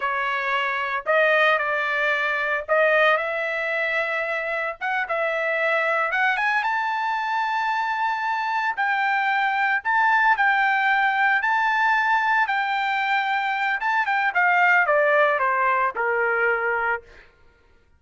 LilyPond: \new Staff \with { instrumentName = "trumpet" } { \time 4/4 \tempo 4 = 113 cis''2 dis''4 d''4~ | d''4 dis''4 e''2~ | e''4 fis''8 e''2 fis''8 | gis''8 a''2.~ a''8~ |
a''8 g''2 a''4 g''8~ | g''4. a''2 g''8~ | g''2 a''8 g''8 f''4 | d''4 c''4 ais'2 | }